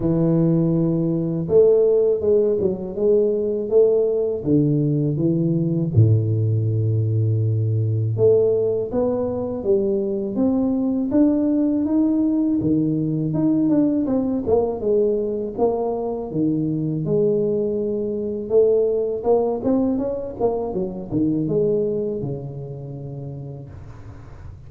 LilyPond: \new Staff \with { instrumentName = "tuba" } { \time 4/4 \tempo 4 = 81 e2 a4 gis8 fis8 | gis4 a4 d4 e4 | a,2. a4 | b4 g4 c'4 d'4 |
dis'4 dis4 dis'8 d'8 c'8 ais8 | gis4 ais4 dis4 gis4~ | gis4 a4 ais8 c'8 cis'8 ais8 | fis8 dis8 gis4 cis2 | }